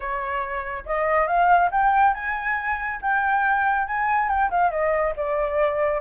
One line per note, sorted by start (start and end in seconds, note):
0.00 0.84 C#5
0.85 1.27 D#5
1.27 1.70 F5
1.71 2.14 G5
2.14 2.99 G#5
3.01 3.87 G5
3.87 4.28 G#5
4.28 4.50 G5
4.50 4.70 F5
4.70 5.13 D#5
5.16 6.00 D5